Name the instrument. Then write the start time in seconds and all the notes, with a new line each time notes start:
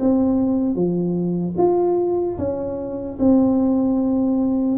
tuba
0.00 C4
0.75 F3
1.58 F4
2.38 C#4
3.19 C4